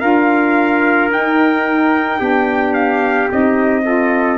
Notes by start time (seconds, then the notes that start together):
0.00 D4 F4 A#4 F5
1.10 D#4 G5
2.19 B3 D4 G4
2.74 F5
3.30 C4 D#4 D#5
3.84 F4 A4